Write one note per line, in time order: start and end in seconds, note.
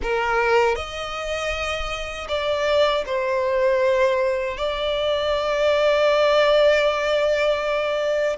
0.02 0.75 A#4
0.75 2.27 D#5
2.28 3.04 D5
3.06 4.57 C5
4.57 8.36 D5